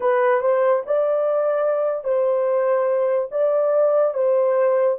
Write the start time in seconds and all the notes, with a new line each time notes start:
0.00 B4
0.41 C5
0.86 D5
2.03 C5
3.31 D5
4.14 C5